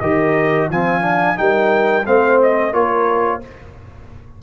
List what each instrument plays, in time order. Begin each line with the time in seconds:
0.00 tuba D#3, trombone G4, horn A#4, trumpet D#5
0.69 tuba F3, trombone C4, horn F5, trumpet G#5
1.02 trombone D4
1.35 tuba G3, trombone D#4, horn A#4, trumpet G5
2.06 tuba A3, trombone C4, horn C5, trumpet F5
2.42 trumpet D#5
2.72 tuba A#3, trombone F4, horn A#4, trumpet C#5